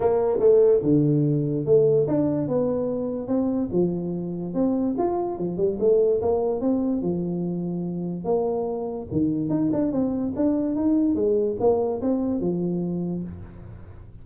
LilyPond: \new Staff \with { instrumentName = "tuba" } { \time 4/4 \tempo 4 = 145 ais4 a4 d2 | a4 d'4 b2 | c'4 f2 c'4 | f'4 f8 g8 a4 ais4 |
c'4 f2. | ais2 dis4 dis'8 d'8 | c'4 d'4 dis'4 gis4 | ais4 c'4 f2 | }